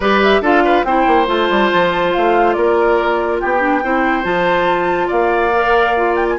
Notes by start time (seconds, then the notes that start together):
0.00 G3 G4 B4 D5
0.22 E5
0.40 D4 F4 A4 F5
0.64 B4
0.84 C4 E4 C5 G5
1.07 A#3
1.26 A3 F4 A5
1.49 G3
1.73 F3
2.13 A3 F5
2.52 A#3 A#4 D5
3.40 B3 G4 G5
3.59 D4
3.83 C4 E4 C5
4.23 F3 F4 A5
5.07 A#3 D5 F5
5.55 A#4
5.96 F4
6.15 G5
6.28 G#5